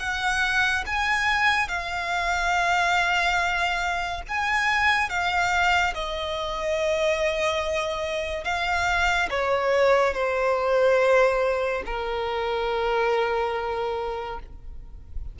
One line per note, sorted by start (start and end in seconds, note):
0.00 0.85 F#5
0.87 1.69 G#5
1.69 4.22 F5
4.29 5.10 G#5
5.10 5.94 F5
5.95 8.45 D#5
8.45 9.29 F5
9.31 10.14 C#5
10.14 11.83 C5
11.87 14.40 A#4